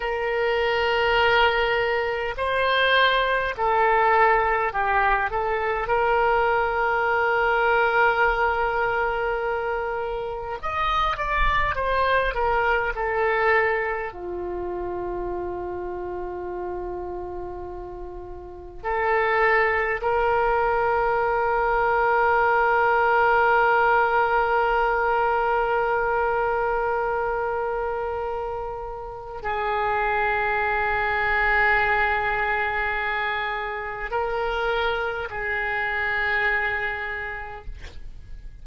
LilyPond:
\new Staff \with { instrumentName = "oboe" } { \time 4/4 \tempo 4 = 51 ais'2 c''4 a'4 | g'8 a'8 ais'2.~ | ais'4 dis''8 d''8 c''8 ais'8 a'4 | f'1 |
a'4 ais'2.~ | ais'1~ | ais'4 gis'2.~ | gis'4 ais'4 gis'2 | }